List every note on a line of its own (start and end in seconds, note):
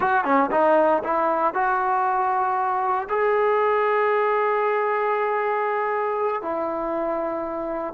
0.00 0.24 F#4
0.24 0.50 C#4
0.51 1.02 D#4
1.03 1.54 E4
1.54 3.08 F#4
3.09 6.42 G#4
6.42 7.93 E4